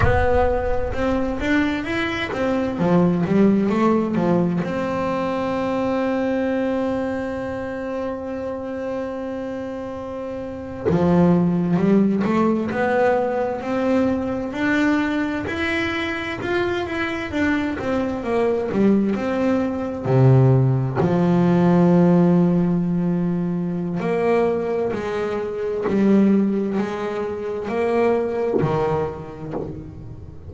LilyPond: \new Staff \with { instrumentName = "double bass" } { \time 4/4 \tempo 4 = 65 b4 c'8 d'8 e'8 c'8 f8 g8 | a8 f8 c'2.~ | c'2.~ c'8. f16~ | f8. g8 a8 b4 c'4 d'16~ |
d'8. e'4 f'8 e'8 d'8 c'8 ais16~ | ais16 g8 c'4 c4 f4~ f16~ | f2 ais4 gis4 | g4 gis4 ais4 dis4 | }